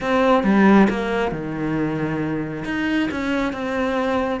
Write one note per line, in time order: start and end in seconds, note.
0.00 0.43 C4
0.43 0.87 G3
0.89 1.31 A#3
1.31 2.64 D#3
2.65 3.09 D#4
3.11 3.53 C#4
3.53 4.40 C4